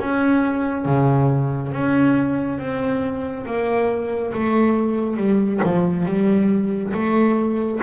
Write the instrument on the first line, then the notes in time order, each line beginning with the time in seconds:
double bass
0.00 C#4
0.85 C#3
1.72 C#4
2.59 C4
3.46 A#3
4.33 A3
5.17 G3
5.63 F3
6.06 G3
6.94 A3